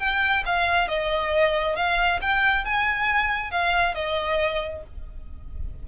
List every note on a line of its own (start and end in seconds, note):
0.00 0.44 G5
0.46 0.89 F5
0.89 1.76 D#5
1.76 2.20 F5
2.22 2.65 G5
2.65 3.52 G#5
3.52 3.95 F5
3.95 4.83 D#5